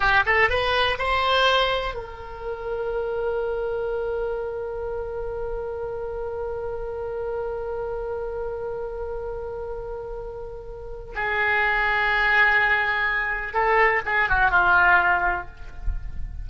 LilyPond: \new Staff \with { instrumentName = "oboe" } { \time 4/4 \tempo 4 = 124 g'8 a'8 b'4 c''2 | ais'1~ | ais'1~ | ais'1~ |
ais'1~ | ais'2. gis'4~ | gis'1 | a'4 gis'8 fis'8 f'2 | }